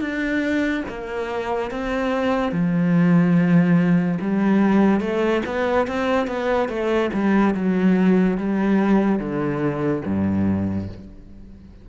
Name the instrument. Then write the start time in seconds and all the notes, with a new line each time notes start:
cello
0.00 D4
0.88 A#3
1.70 C4
2.52 F3
4.20 G3
5.00 A3
5.45 B3
5.87 C4
6.27 B3
6.68 A3
7.13 G3
7.54 F#3
8.37 G3
9.19 D3
10.05 G2